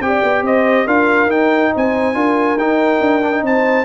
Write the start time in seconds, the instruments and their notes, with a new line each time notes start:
0.00 tuba C4, trombone G4, horn D5, trumpet G5
0.23 tuba B3
0.42 tuba C4, horn C5, trumpet D#5
0.86 tuba D4, trombone F4, horn A#4, trumpet F5
1.26 tuba D#4, trombone D#4, trumpet G5
1.74 tuba C4, horn C5, trumpet G#5
2.14 tuba D4, trombone F4, horn A#4
2.57 tuba D#4, trombone D#4, trumpet G5
3.00 tuba D4
3.22 trombone D4
3.31 trombone D#4
3.42 tuba C4, horn C5, trumpet A5